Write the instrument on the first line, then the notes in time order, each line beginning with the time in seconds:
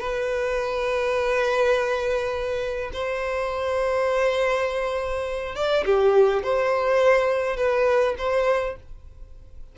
violin
0.00 B4
2.93 C5
5.56 D5
5.85 G4
6.43 C5
7.57 B4
8.18 C5